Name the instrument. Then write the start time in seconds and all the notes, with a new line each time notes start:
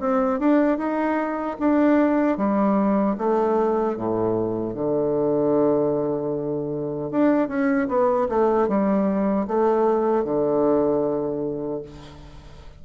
bassoon
0.00 C4
0.39 D4
0.78 D#4
1.60 D4
2.38 G3
3.18 A3
3.97 A2
4.74 D3
7.11 D4
7.48 C#4
7.88 B3
8.29 A3
8.68 G3
9.47 A3
10.24 D3